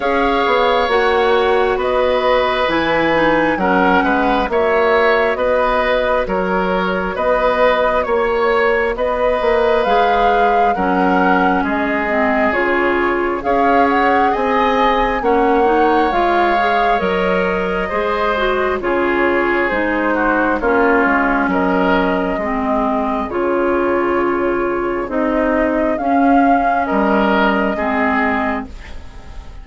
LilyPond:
<<
  \new Staff \with { instrumentName = "flute" } { \time 4/4 \tempo 4 = 67 f''4 fis''4 dis''4 gis''4 | fis''4 e''4 dis''4 cis''4 | dis''4 cis''4 dis''4 f''4 | fis''4 dis''4 cis''4 f''8 fis''8 |
gis''4 fis''4 f''4 dis''4~ | dis''4 cis''4 c''4 cis''4 | dis''2 cis''2 | dis''4 f''4 dis''2 | }
  \new Staff \with { instrumentName = "oboe" } { \time 4/4 cis''2 b'2 | ais'8 b'8 cis''4 b'4 ais'4 | b'4 cis''4 b'2 | ais'4 gis'2 cis''4 |
dis''4 cis''2. | c''4 gis'4. fis'8 f'4 | ais'4 gis'2.~ | gis'2 ais'4 gis'4 | }
  \new Staff \with { instrumentName = "clarinet" } { \time 4/4 gis'4 fis'2 e'8 dis'8 | cis'4 fis'2.~ | fis'2. gis'4 | cis'4. c'8 f'4 gis'4~ |
gis'4 cis'8 dis'8 f'8 gis'8 ais'4 | gis'8 fis'8 f'4 dis'4 cis'4~ | cis'4 c'4 f'2 | dis'4 cis'2 c'4 | }
  \new Staff \with { instrumentName = "bassoon" } { \time 4/4 cis'8 b8 ais4 b4 e4 | fis8 gis8 ais4 b4 fis4 | b4 ais4 b8 ais8 gis4 | fis4 gis4 cis4 cis'4 |
c'4 ais4 gis4 fis4 | gis4 cis4 gis4 ais8 gis8 | fis4 gis4 cis2 | c'4 cis'4 g4 gis4 | }
>>